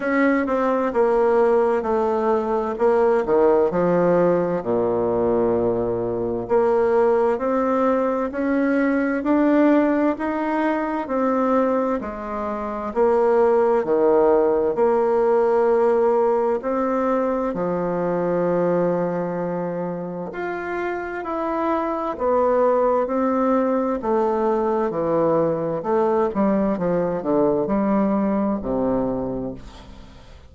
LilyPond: \new Staff \with { instrumentName = "bassoon" } { \time 4/4 \tempo 4 = 65 cis'8 c'8 ais4 a4 ais8 dis8 | f4 ais,2 ais4 | c'4 cis'4 d'4 dis'4 | c'4 gis4 ais4 dis4 |
ais2 c'4 f4~ | f2 f'4 e'4 | b4 c'4 a4 e4 | a8 g8 f8 d8 g4 c4 | }